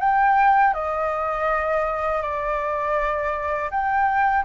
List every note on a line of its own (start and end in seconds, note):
0.00 0.74 G5
0.74 2.22 D#5
2.22 3.70 D5
3.71 4.45 G5